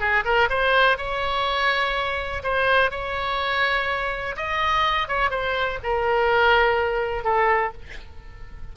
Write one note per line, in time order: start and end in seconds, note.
0.00 0.24 G#4
0.25 0.49 A#4
0.50 0.98 C5
0.98 2.43 C#5
2.43 2.91 C5
2.91 4.36 C#5
4.37 5.08 D#5
5.08 5.30 C#5
5.30 5.79 C5
5.83 7.24 A#4
7.24 7.73 A4